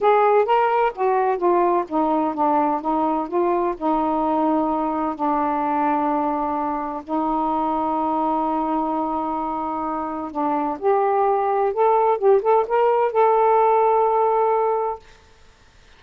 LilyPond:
\new Staff \with { instrumentName = "saxophone" } { \time 4/4 \tempo 4 = 128 gis'4 ais'4 fis'4 f'4 | dis'4 d'4 dis'4 f'4 | dis'2. d'4~ | d'2. dis'4~ |
dis'1~ | dis'2 d'4 g'4~ | g'4 a'4 g'8 a'8 ais'4 | a'1 | }